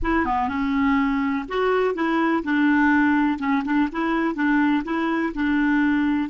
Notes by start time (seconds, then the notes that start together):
0.02 E4
0.25 B3
0.48 C#4
1.48 F#4
1.94 E4
2.43 D4
3.38 C#4
3.64 D4
3.92 E4
4.34 D4
4.84 E4
5.34 D4